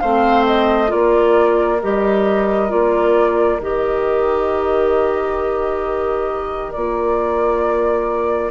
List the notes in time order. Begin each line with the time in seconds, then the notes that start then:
0.00 A3 C4 C5 F5
0.47 D#5
0.88 A#3 F4 A#4 D5
1.82 G3 G4 D#5
2.69 A#3 F4 D5
3.60 D#3 G4 D#5
6.73 A#3 F4 D5